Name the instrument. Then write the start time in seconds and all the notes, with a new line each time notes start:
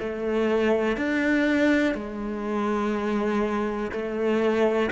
cello
0.00 A3
0.97 D4
1.95 G#3
3.92 A3